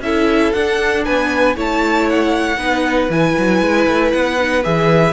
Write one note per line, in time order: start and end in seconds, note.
0.00 0.51 C#4
0.00 0.54 E4
0.00 1.05 A4
0.00 0.53 E5
0.53 1.55 D4
0.53 1.07 D4
0.53 1.04 F#5
1.05 1.56 B3
1.05 1.56 B4
1.05 1.56 G#5
1.55 2.57 A3
1.55 2.58 E4
1.55 2.59 C#5
1.55 2.09 A5
2.09 3.11 F#5
2.57 3.09 B3
2.57 3.10 D#4
2.57 5.13 B4
3.09 3.35 E3
3.09 4.39 E4
3.09 4.12 G#5
3.38 3.62 F#3
3.62 3.87 G#3
3.88 4.13 A3
4.12 4.65 B3
4.12 4.63 F#5
4.40 4.63 D#4
4.63 5.13 E3
4.63 5.13 G#4
4.63 5.13 E5